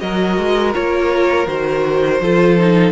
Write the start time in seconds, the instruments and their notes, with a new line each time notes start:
0.00 cello F#3, viola F#4, violin A#4 D#5
0.38 cello G#3
0.73 cello A#3, viola F4, violin C#5
1.47 cello D#3, viola F#4, violin C5
2.21 cello F3, viola F4, violin A4
2.59 viola D#4